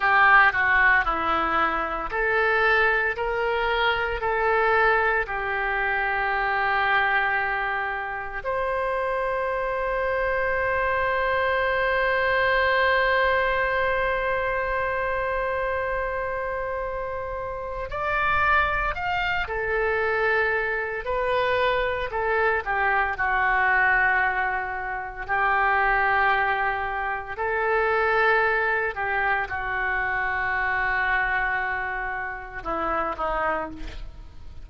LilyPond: \new Staff \with { instrumentName = "oboe" } { \time 4/4 \tempo 4 = 57 g'8 fis'8 e'4 a'4 ais'4 | a'4 g'2. | c''1~ | c''1~ |
c''4 d''4 f''8 a'4. | b'4 a'8 g'8 fis'2 | g'2 a'4. g'8 | fis'2. e'8 dis'8 | }